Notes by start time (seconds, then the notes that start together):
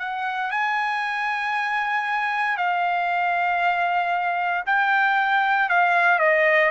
0.00 F#5
0.51 G#5
2.58 F5
4.66 G5
5.69 F5
6.19 D#5